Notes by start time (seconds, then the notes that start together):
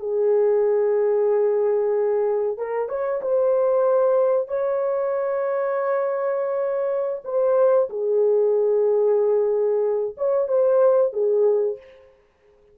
0.00 G#4
2.58 A#4
2.89 C#5
3.22 C5
4.48 C#5
7.25 C5
7.90 G#4
10.18 C#5
10.48 C5
11.13 G#4